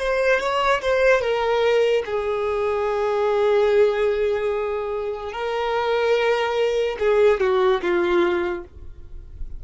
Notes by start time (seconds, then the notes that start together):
0.00 C5
0.41 C#5
0.82 C5
1.21 A#4
2.06 G#4
5.33 A#4
7.00 G#4
7.41 F#4
7.82 F4